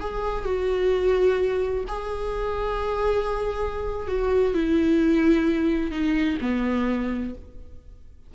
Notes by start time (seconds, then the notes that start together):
0.00 G#4
0.45 F#4
1.88 G#4
4.07 F#4
4.54 E4
5.91 D#4
6.41 B3